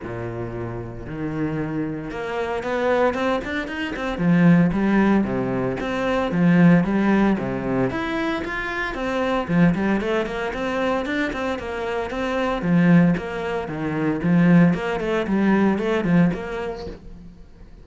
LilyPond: \new Staff \with { instrumentName = "cello" } { \time 4/4 \tempo 4 = 114 ais,2 dis2 | ais4 b4 c'8 d'8 dis'8 c'8 | f4 g4 c4 c'4 | f4 g4 c4 e'4 |
f'4 c'4 f8 g8 a8 ais8 | c'4 d'8 c'8 ais4 c'4 | f4 ais4 dis4 f4 | ais8 a8 g4 a8 f8 ais4 | }